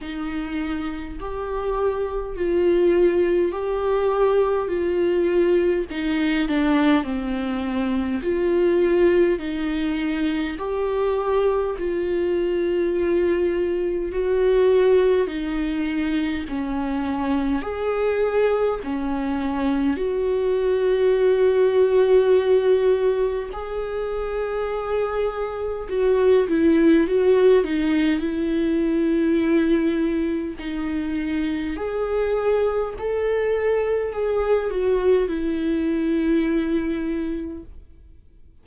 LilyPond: \new Staff \with { instrumentName = "viola" } { \time 4/4 \tempo 4 = 51 dis'4 g'4 f'4 g'4 | f'4 dis'8 d'8 c'4 f'4 | dis'4 g'4 f'2 | fis'4 dis'4 cis'4 gis'4 |
cis'4 fis'2. | gis'2 fis'8 e'8 fis'8 dis'8 | e'2 dis'4 gis'4 | a'4 gis'8 fis'8 e'2 | }